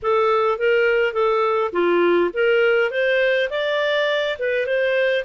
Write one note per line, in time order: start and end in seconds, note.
0.02 0.58 A4
0.58 1.13 A#4
1.13 1.71 A4
1.72 2.30 F4
2.33 2.90 A#4
2.90 3.49 C5
3.50 4.37 D5
4.38 4.66 B4
4.66 5.24 C5